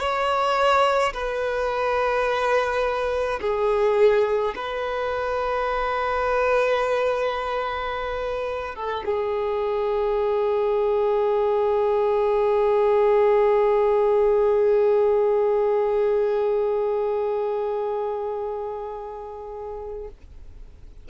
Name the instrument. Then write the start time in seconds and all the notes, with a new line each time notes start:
violin
0.00 C#5
1.14 B4
3.41 G#4
4.56 B4
8.76 A4
9.05 G#4